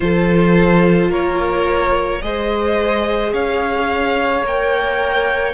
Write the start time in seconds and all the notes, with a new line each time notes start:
0.00 F3 F4 A4 C5
1.09 A#3 A#4 C#5
2.22 G#3 G#4 C5 D#5
3.32 C#4 C#5 F5
4.42 A#3 A#4 G5